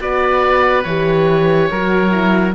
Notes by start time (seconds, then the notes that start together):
0.00 B3 F#4 B4 D5
0.84 E3 G4 C#5
1.71 F#3 F#4 A#4
2.11 E4